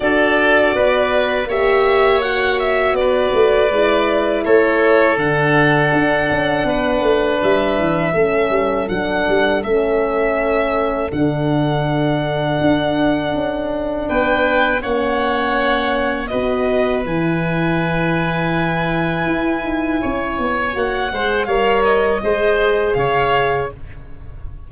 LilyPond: <<
  \new Staff \with { instrumentName = "violin" } { \time 4/4 \tempo 4 = 81 d''2 e''4 fis''8 e''8 | d''2 cis''4 fis''4~ | fis''2 e''2 | fis''4 e''2 fis''4~ |
fis''2. g''4 | fis''2 dis''4 gis''4~ | gis''1 | fis''4 f''8 dis''4. f''4 | }
  \new Staff \with { instrumentName = "oboe" } { \time 4/4 a'4 b'4 cis''2 | b'2 a'2~ | a'4 b'2 a'4~ | a'1~ |
a'2. b'4 | cis''2 b'2~ | b'2. cis''4~ | cis''8 c''8 cis''4 c''4 cis''4 | }
  \new Staff \with { instrumentName = "horn" } { \time 4/4 fis'2 g'4 fis'4~ | fis'4 e'2 d'4~ | d'2. cis'4 | d'4 cis'2 d'4~ |
d'1 | cis'2 fis'4 e'4~ | e'1 | fis'8 gis'8 ais'4 gis'2 | }
  \new Staff \with { instrumentName = "tuba" } { \time 4/4 d'4 b4 ais2 | b8 a8 gis4 a4 d4 | d'8 cis'8 b8 a8 g8 e8 a8 g8 | fis8 g8 a2 d4~ |
d4 d'4 cis'4 b4 | ais2 b4 e4~ | e2 e'8 dis'8 cis'8 b8 | ais8 gis8 g4 gis4 cis4 | }
>>